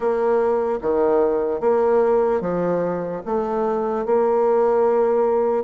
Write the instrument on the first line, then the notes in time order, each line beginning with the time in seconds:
bassoon
0.00 A#3
0.81 D#3
1.60 A#3
2.40 F3
3.25 A3
4.05 A#3